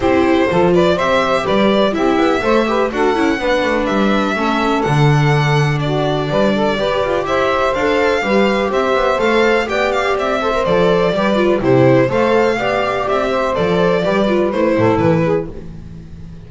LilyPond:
<<
  \new Staff \with { instrumentName = "violin" } { \time 4/4 \tempo 4 = 124 c''4. d''8 e''4 d''4 | e''2 fis''2 | e''2 fis''2 | d''2. e''4 |
f''2 e''4 f''4 | g''8 f''8 e''4 d''2 | c''4 f''2 e''4 | d''2 c''4 b'4 | }
  \new Staff \with { instrumentName = "saxophone" } { \time 4/4 g'4 a'8 b'8 c''4 b'4 | g'4 c''8 b'8 a'4 b'4~ | b'4 a'2. | fis'4 b'8 a'8 b'4 c''4~ |
c''4 b'4 c''2 | d''4. c''4. b'4 | g'4 c''4 d''4. c''8~ | c''4 b'4. a'4 gis'8 | }
  \new Staff \with { instrumentName = "viola" } { \time 4/4 e'4 f'4 g'2 | e'4 a'8 g'8 fis'8 e'8 d'4~ | d'4 cis'4 d'2~ | d'2 g'2 |
a'4 g'2 a'4 | g'4. a'16 ais'16 a'4 g'8 f'8 | e'4 a'4 g'2 | a'4 g'8 f'8 e'2 | }
  \new Staff \with { instrumentName = "double bass" } { \time 4/4 c'4 f4 c'4 g4 | c'8 b8 a4 d'8 cis'8 b8 a8 | g4 a4 d2~ | d4 g4 g'8 f'8 e'4 |
d'4 g4 c'8 b8 a4 | b4 c'4 f4 g4 | c4 a4 b4 c'4 | f4 g4 a8 a,8 e4 | }
>>